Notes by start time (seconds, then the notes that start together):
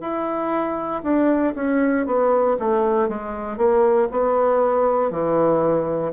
0.00 E4
1.03 D4
1.55 C#4
2.06 B3
2.59 A3
3.08 G#3
3.57 A#3
4.11 B3
5.10 E3